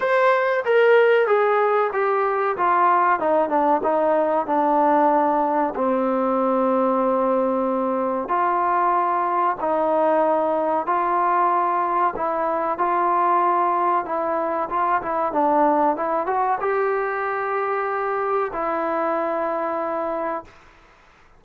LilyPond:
\new Staff \with { instrumentName = "trombone" } { \time 4/4 \tempo 4 = 94 c''4 ais'4 gis'4 g'4 | f'4 dis'8 d'8 dis'4 d'4~ | d'4 c'2.~ | c'4 f'2 dis'4~ |
dis'4 f'2 e'4 | f'2 e'4 f'8 e'8 | d'4 e'8 fis'8 g'2~ | g'4 e'2. | }